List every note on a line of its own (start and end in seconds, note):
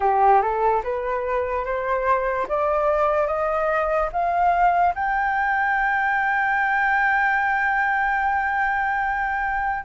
0.00 0.41 G4
0.41 0.82 A4
0.83 1.64 B4
1.64 2.47 C5
2.48 3.27 D5
3.27 4.09 D#5
4.12 4.94 F5
4.95 9.84 G5